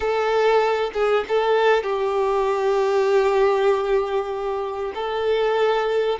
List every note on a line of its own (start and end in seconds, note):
0.00 0.91 A4
0.93 1.24 G#4
1.28 1.83 A4
1.83 4.92 G4
4.95 6.18 A4